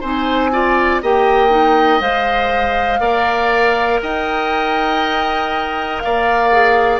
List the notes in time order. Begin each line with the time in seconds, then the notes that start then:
0.00 C4 D#4 C5 G#5
0.52 F4 D5
1.02 A#3 G4 D#5 G5
1.49 D#4
2.00 G#3 C5 F5
2.99 A#3 A#4 D5
4.02 D#4 D#5 G5
5.99 A#3 D5 F5
6.51 G#4